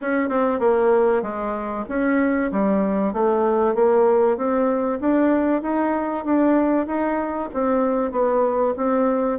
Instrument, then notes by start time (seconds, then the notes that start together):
bassoon
0.01 C#4
0.29 C4
0.59 A#3
1.22 G#3
1.88 C#4
2.51 G3
3.13 A3
3.74 A#3
4.37 C4
5.00 D4
5.62 D#4
6.24 D4
6.86 D#4
7.53 C4
8.11 B3
8.76 C4